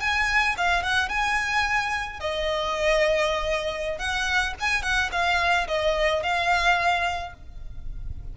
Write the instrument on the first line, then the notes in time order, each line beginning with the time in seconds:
violin
0.00 G#5
0.58 F5
0.83 F#5
1.09 G#5
2.20 D#5
3.98 F#5
4.60 G#5
4.82 F#5
5.12 F5
5.68 D#5
6.23 F5